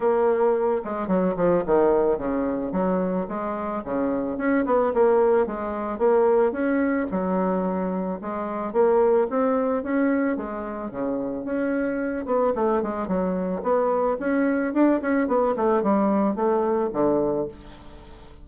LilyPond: \new Staff \with { instrumentName = "bassoon" } { \time 4/4 \tempo 4 = 110 ais4. gis8 fis8 f8 dis4 | cis4 fis4 gis4 cis4 | cis'8 b8 ais4 gis4 ais4 | cis'4 fis2 gis4 |
ais4 c'4 cis'4 gis4 | cis4 cis'4. b8 a8 gis8 | fis4 b4 cis'4 d'8 cis'8 | b8 a8 g4 a4 d4 | }